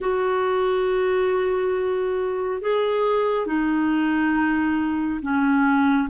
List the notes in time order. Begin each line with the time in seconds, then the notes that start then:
0.00 F#4
2.61 G#4
3.46 D#4
5.22 C#4